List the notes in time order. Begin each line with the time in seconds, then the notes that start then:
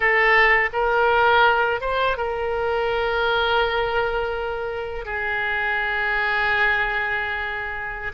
0.00 A4
0.72 A#4
1.81 C5
2.17 A#4
5.05 G#4